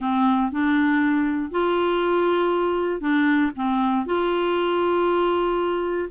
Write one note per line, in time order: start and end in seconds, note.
0.00 0.51 C4
0.51 1.51 D4
1.51 3.00 F4
3.00 3.51 D4
3.55 4.05 C4
4.05 6.09 F4